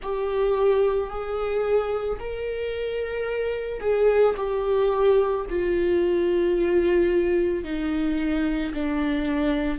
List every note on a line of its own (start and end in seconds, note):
0.02 1.09 G4
1.09 2.18 G#4
2.19 3.80 A#4
3.80 4.34 G#4
4.36 5.45 G4
5.49 7.64 F4
7.64 8.73 D#4
8.73 9.78 D4